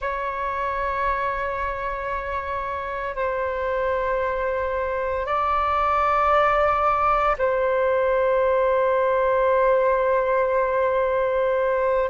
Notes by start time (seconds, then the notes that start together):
0.01 C#5
3.15 C5
5.25 D5
7.37 C5